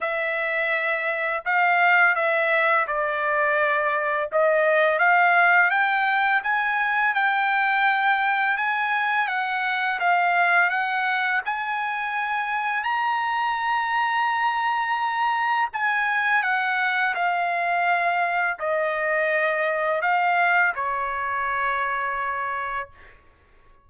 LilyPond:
\new Staff \with { instrumentName = "trumpet" } { \time 4/4 \tempo 4 = 84 e''2 f''4 e''4 | d''2 dis''4 f''4 | g''4 gis''4 g''2 | gis''4 fis''4 f''4 fis''4 |
gis''2 ais''2~ | ais''2 gis''4 fis''4 | f''2 dis''2 | f''4 cis''2. | }